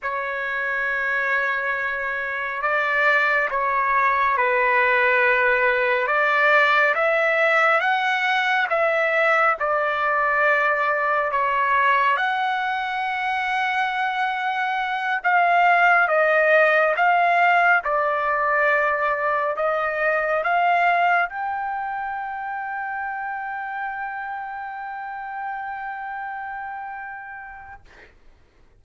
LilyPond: \new Staff \with { instrumentName = "trumpet" } { \time 4/4 \tempo 4 = 69 cis''2. d''4 | cis''4 b'2 d''4 | e''4 fis''4 e''4 d''4~ | d''4 cis''4 fis''2~ |
fis''4. f''4 dis''4 f''8~ | f''8 d''2 dis''4 f''8~ | f''8 g''2.~ g''8~ | g''1 | }